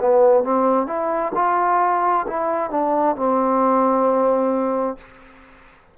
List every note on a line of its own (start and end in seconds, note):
0.00 0.43 B3
0.43 0.87 C4
0.87 1.32 E4
1.35 2.26 F4
2.27 2.71 E4
2.71 3.16 D4
3.16 4.98 C4